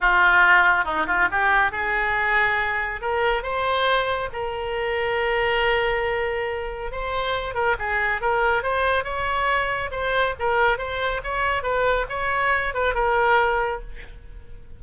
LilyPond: \new Staff \with { instrumentName = "oboe" } { \time 4/4 \tempo 4 = 139 f'2 dis'8 f'8 g'4 | gis'2. ais'4 | c''2 ais'2~ | ais'1 |
c''4. ais'8 gis'4 ais'4 | c''4 cis''2 c''4 | ais'4 c''4 cis''4 b'4 | cis''4. b'8 ais'2 | }